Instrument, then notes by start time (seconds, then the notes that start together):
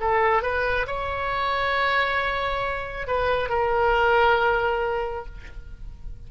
oboe
0.00 A4
0.43 B4
0.87 C#5
3.07 B4
3.49 A#4